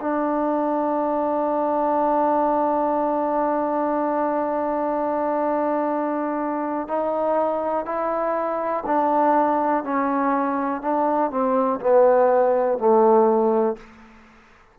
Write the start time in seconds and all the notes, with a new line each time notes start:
0.00 D4
6.88 D#4
7.85 E4
8.86 D4
9.84 C#4
10.81 D4
11.30 C4
11.80 B3
12.78 A3